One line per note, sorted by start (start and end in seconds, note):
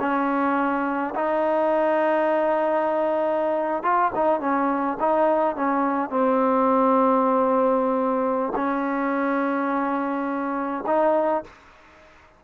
0.00 1.14 C#4
1.15 3.83 D#4
3.83 4.11 F4
4.15 4.41 D#4
4.41 4.98 C#4
5.00 5.56 D#4
5.56 6.10 C#4
6.10 8.53 C4
8.56 10.84 C#4
10.87 11.44 D#4